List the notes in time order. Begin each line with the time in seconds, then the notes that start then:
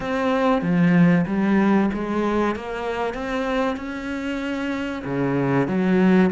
0.00 C4
0.61 F3
1.26 G3
1.93 G#3
2.56 A#3
3.13 C4
3.76 C#4
5.04 C#3
5.67 F#3